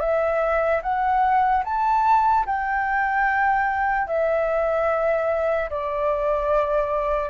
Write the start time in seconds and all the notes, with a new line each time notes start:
0.00 E5
0.83 F#5
1.64 A5
2.46 G5
4.07 E5
5.70 D5